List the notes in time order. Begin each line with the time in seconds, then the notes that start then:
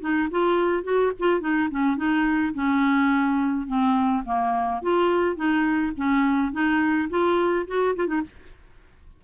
0.00 D#4
0.31 F4
0.83 F#4
1.19 F4
1.40 D#4
1.71 C#4
1.97 D#4
2.54 C#4
3.67 C4
4.25 A#3
4.82 F4
5.36 D#4
5.96 C#4
6.52 D#4
7.09 F4
7.67 F#4
7.96 F4
8.07 D#4